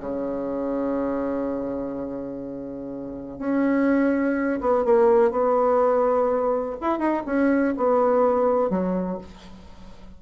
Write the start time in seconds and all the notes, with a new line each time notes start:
0.00 C#3
3.39 C#4
4.61 B3
4.85 A#3
5.31 B3
6.81 E4
6.99 D#4
7.26 C#4
7.77 B3
8.70 F#3